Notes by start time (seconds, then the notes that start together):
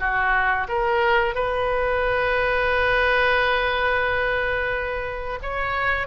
0.00 F#4
0.69 A#4
1.35 B4
5.43 C#5